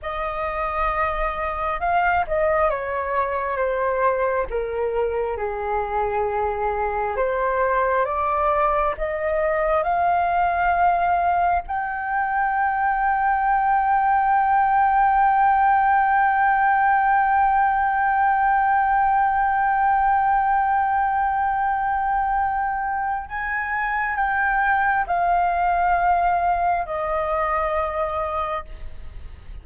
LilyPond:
\new Staff \with { instrumentName = "flute" } { \time 4/4 \tempo 4 = 67 dis''2 f''8 dis''8 cis''4 | c''4 ais'4 gis'2 | c''4 d''4 dis''4 f''4~ | f''4 g''2.~ |
g''1~ | g''1~ | g''2 gis''4 g''4 | f''2 dis''2 | }